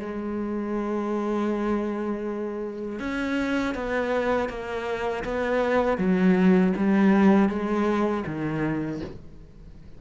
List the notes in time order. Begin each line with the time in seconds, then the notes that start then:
0.00 G#3
3.00 C#4
3.75 B3
4.49 A#3
5.24 B3
5.98 F#3
6.77 G3
7.49 G#3
8.26 D#3